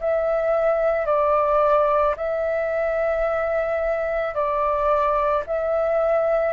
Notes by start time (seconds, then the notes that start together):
0.00 E5
1.06 D5
2.17 E5
4.34 D5
5.46 E5